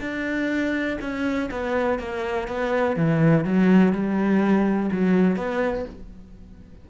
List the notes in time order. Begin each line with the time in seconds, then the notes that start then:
0.00 D4
1.01 C#4
1.51 B3
1.99 A#3
2.47 B3
2.96 E3
3.44 F#3
3.92 G3
4.92 F#3
5.36 B3